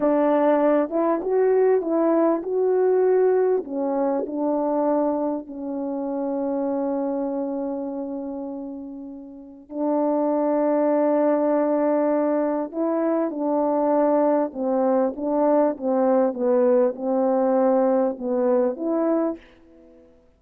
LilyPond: \new Staff \with { instrumentName = "horn" } { \time 4/4 \tempo 4 = 99 d'4. e'8 fis'4 e'4 | fis'2 cis'4 d'4~ | d'4 cis'2.~ | cis'1 |
d'1~ | d'4 e'4 d'2 | c'4 d'4 c'4 b4 | c'2 b4 e'4 | }